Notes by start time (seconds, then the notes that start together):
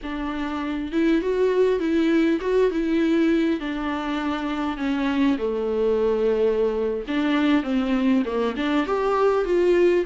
0.02 D4
0.92 E4
1.21 F#4
1.79 E4
2.41 F#4
2.71 E4
3.60 D4
4.77 C#4
5.38 A3
7.07 D4
7.63 C4
8.25 A#3
8.56 D4
8.86 G4
9.44 F4